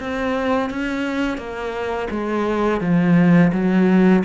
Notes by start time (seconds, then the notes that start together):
0.00 C4
0.70 C#4
1.38 A#3
2.10 G#3
2.81 F3
3.53 F#3